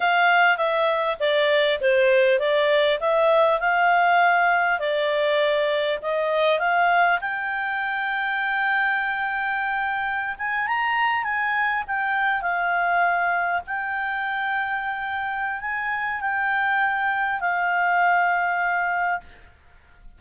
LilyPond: \new Staff \with { instrumentName = "clarinet" } { \time 4/4 \tempo 4 = 100 f''4 e''4 d''4 c''4 | d''4 e''4 f''2 | d''2 dis''4 f''4 | g''1~ |
g''4~ g''16 gis''8 ais''4 gis''4 g''16~ | g''8. f''2 g''4~ g''16~ | g''2 gis''4 g''4~ | g''4 f''2. | }